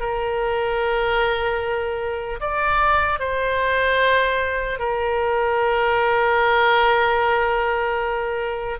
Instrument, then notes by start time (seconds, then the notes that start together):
oboe
0.00 A#4
2.40 D5
3.20 C5
4.79 A#4